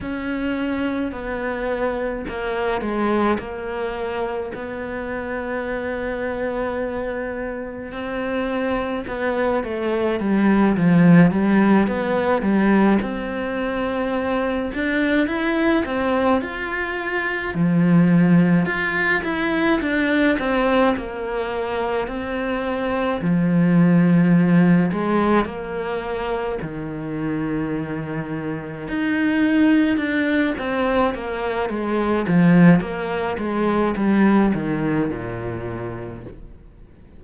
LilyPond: \new Staff \with { instrumentName = "cello" } { \time 4/4 \tempo 4 = 53 cis'4 b4 ais8 gis8 ais4 | b2. c'4 | b8 a8 g8 f8 g8 b8 g8 c'8~ | c'4 d'8 e'8 c'8 f'4 f8~ |
f8 f'8 e'8 d'8 c'8 ais4 c'8~ | c'8 f4. gis8 ais4 dis8~ | dis4. dis'4 d'8 c'8 ais8 | gis8 f8 ais8 gis8 g8 dis8 ais,4 | }